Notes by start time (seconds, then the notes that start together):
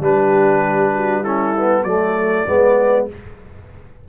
0.00 G3 D4 G4 B4
0.93 F#4
1.21 C#4 E4 A4
1.57 B3
1.83 F#3 A3 A4 D5
2.46 G#3 B3 B4